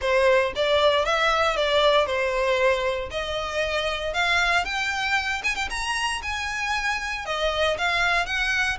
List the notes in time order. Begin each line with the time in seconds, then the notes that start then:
0.01 C5
0.55 D5
1.05 E5
1.56 D5
2.06 C5
3.11 D#5
4.13 F5
4.64 G5
5.43 G#5
5.55 G5
5.70 A#5
6.22 G#5
7.25 D#5
7.78 F5
8.26 F#5